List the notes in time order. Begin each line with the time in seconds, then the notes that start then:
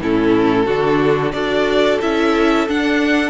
0.00 A2 C#4 E4 A4
0.65 D3 D4 F#4
1.32 D4 F#4 A4 D5
2.01 C#4 E4 E5
2.68 D4 F#5